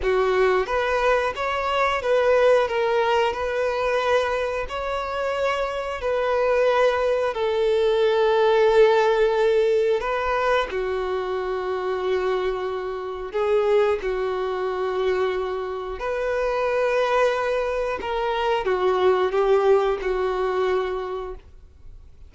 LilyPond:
\new Staff \with { instrumentName = "violin" } { \time 4/4 \tempo 4 = 90 fis'4 b'4 cis''4 b'4 | ais'4 b'2 cis''4~ | cis''4 b'2 a'4~ | a'2. b'4 |
fis'1 | gis'4 fis'2. | b'2. ais'4 | fis'4 g'4 fis'2 | }